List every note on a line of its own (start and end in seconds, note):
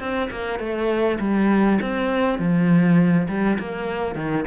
0.00 0.30 C4
0.31 0.59 A#3
0.59 1.19 A3
1.20 1.80 G3
1.82 2.39 C4
2.39 3.28 F3
3.29 3.59 G3
3.59 4.16 A#3
4.16 4.45 D#3